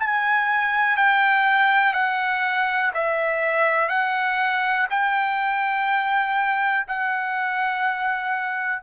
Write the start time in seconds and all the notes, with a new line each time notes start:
0.00 G#5
0.97 G5
1.94 F#5
2.94 E5
3.89 F#5
4.90 G5
6.88 F#5